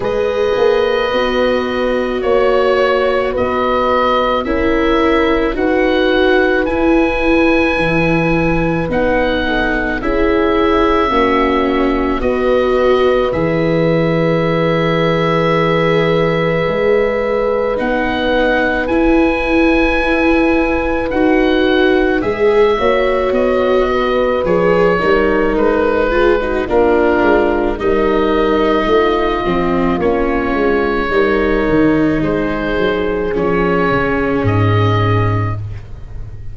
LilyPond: <<
  \new Staff \with { instrumentName = "oboe" } { \time 4/4 \tempo 4 = 54 dis''2 cis''4 dis''4 | e''4 fis''4 gis''2 | fis''4 e''2 dis''4 | e''1 |
fis''4 gis''2 fis''4 | e''4 dis''4 cis''4 b'4 | ais'4 dis''2 cis''4~ | cis''4 c''4 cis''4 dis''4 | }
  \new Staff \with { instrumentName = "horn" } { \time 4/4 b'2 cis''4 b'4 | ais'4 b'2.~ | b'8 a'8 gis'4 fis'4 b'4~ | b'1~ |
b'1~ | b'8 cis''4 b'4 ais'4 gis'16 fis'16 | f'4 ais'4 f'2 | ais'4 gis'2. | }
  \new Staff \with { instrumentName = "viola" } { \time 4/4 gis'4 fis'2. | e'4 fis'4 e'2 | dis'4 e'4 cis'4 fis'4 | gis'1 |
dis'4 e'2 fis'4 | gis'8 fis'4. gis'8 dis'4 f'16 dis'16 | d'4 dis'4. c'8 cis'4 | dis'2 cis'2 | }
  \new Staff \with { instrumentName = "tuba" } { \time 4/4 gis8 ais8 b4 ais4 b4 | cis'4 dis'4 e'4 e4 | b4 cis'4 ais4 b4 | e2. gis4 |
b4 e'2 dis'4 | gis8 ais8 b4 f8 g8 gis4 | ais8 gis8 g4 a8 f8 ais8 gis8 | g8 dis8 gis8 fis8 f8 cis8 gis,4 | }
>>